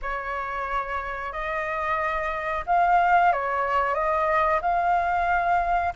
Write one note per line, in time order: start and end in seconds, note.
0.02 1.32 C#5
1.32 2.64 D#5
2.66 3.32 F5
3.32 3.94 C#5
3.94 4.60 D#5
4.61 5.93 F5